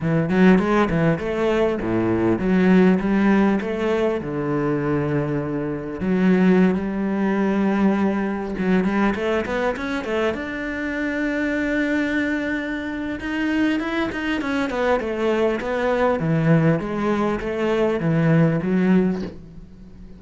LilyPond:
\new Staff \with { instrumentName = "cello" } { \time 4/4 \tempo 4 = 100 e8 fis8 gis8 e8 a4 a,4 | fis4 g4 a4 d4~ | d2 fis4~ fis16 g8.~ | g2~ g16 fis8 g8 a8 b16~ |
b16 cis'8 a8 d'2~ d'8.~ | d'2 dis'4 e'8 dis'8 | cis'8 b8 a4 b4 e4 | gis4 a4 e4 fis4 | }